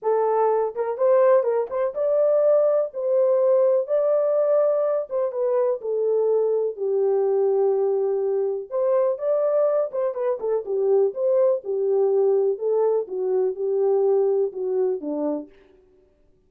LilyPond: \new Staff \with { instrumentName = "horn" } { \time 4/4 \tempo 4 = 124 a'4. ais'8 c''4 ais'8 c''8 | d''2 c''2 | d''2~ d''8 c''8 b'4 | a'2 g'2~ |
g'2 c''4 d''4~ | d''8 c''8 b'8 a'8 g'4 c''4 | g'2 a'4 fis'4 | g'2 fis'4 d'4 | }